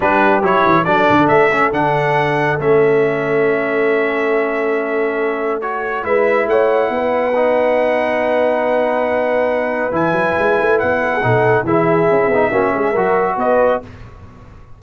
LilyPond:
<<
  \new Staff \with { instrumentName = "trumpet" } { \time 4/4 \tempo 4 = 139 b'4 cis''4 d''4 e''4 | fis''2 e''2~ | e''1~ | e''4 cis''4 e''4 fis''4~ |
fis''1~ | fis''2. gis''4~ | gis''4 fis''2 e''4~ | e''2. dis''4 | }
  \new Staff \with { instrumentName = "horn" } { \time 4/4 g'2 a'2~ | a'1~ | a'1~ | a'2 b'4 cis''4 |
b'1~ | b'1~ | b'4. a'16 gis'16 a'4 gis'4~ | gis'4 fis'8 gis'8 ais'4 b'4 | }
  \new Staff \with { instrumentName = "trombone" } { \time 4/4 d'4 e'4 d'4. cis'8 | d'2 cis'2~ | cis'1~ | cis'4 fis'4 e'2~ |
e'4 dis'2.~ | dis'2. e'4~ | e'2 dis'4 e'4~ | e'8 dis'8 cis'4 fis'2 | }
  \new Staff \with { instrumentName = "tuba" } { \time 4/4 g4 fis8 e8 fis8 d8 a4 | d2 a2~ | a1~ | a2 gis4 a4 |
b1~ | b2. e8 fis8 | gis8 a8 b4 b,4 e4 | cis'8 b8 ais8 gis8 fis4 b4 | }
>>